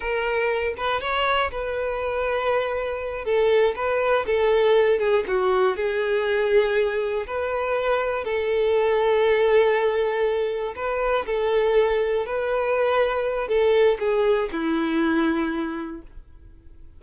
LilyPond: \new Staff \with { instrumentName = "violin" } { \time 4/4 \tempo 4 = 120 ais'4. b'8 cis''4 b'4~ | b'2~ b'8 a'4 b'8~ | b'8 a'4. gis'8 fis'4 gis'8~ | gis'2~ gis'8 b'4.~ |
b'8 a'2.~ a'8~ | a'4. b'4 a'4.~ | a'8 b'2~ b'8 a'4 | gis'4 e'2. | }